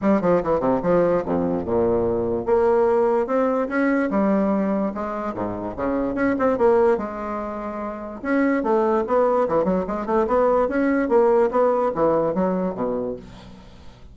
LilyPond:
\new Staff \with { instrumentName = "bassoon" } { \time 4/4 \tempo 4 = 146 g8 f8 e8 c8 f4 f,4 | ais,2 ais2 | c'4 cis'4 g2 | gis4 gis,4 cis4 cis'8 c'8 |
ais4 gis2. | cis'4 a4 b4 e8 fis8 | gis8 a8 b4 cis'4 ais4 | b4 e4 fis4 b,4 | }